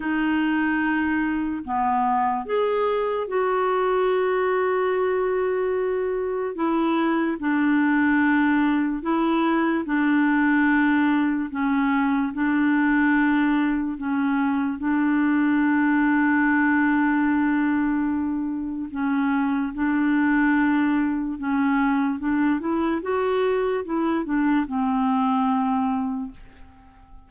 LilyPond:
\new Staff \with { instrumentName = "clarinet" } { \time 4/4 \tempo 4 = 73 dis'2 b4 gis'4 | fis'1 | e'4 d'2 e'4 | d'2 cis'4 d'4~ |
d'4 cis'4 d'2~ | d'2. cis'4 | d'2 cis'4 d'8 e'8 | fis'4 e'8 d'8 c'2 | }